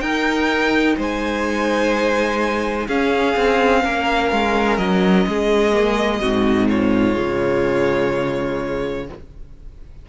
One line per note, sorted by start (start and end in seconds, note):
0.00 0.96 D#4
0.00 2.88 D#4
0.00 0.96 A#4
0.00 0.95 G5
0.96 2.87 G#3
0.96 2.87 C5
0.96 2.88 G#5
2.87 3.36 C#4
2.87 5.72 C#4
2.87 3.82 G#4
2.87 4.77 F5
3.37 3.84 C4
3.83 4.31 A#3
3.83 5.26 A#4
4.31 4.77 G#3
4.77 5.25 F#3
4.77 6.67 D#5
5.27 6.22 G#3
5.27 6.21 G#4
5.72 6.20 A#3
6.20 7.17 G#2
6.20 7.12 C4
6.20 6.67 F#4
6.67 9.06 F4
6.67 9.07 C#5
7.12 9.09 C#3
7.12 9.03 G#3